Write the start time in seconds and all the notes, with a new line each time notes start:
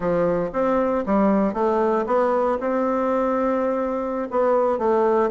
0.00 F3
0.52 C4
1.06 G3
1.53 A3
2.06 B3
2.60 C4
4.30 B3
4.78 A3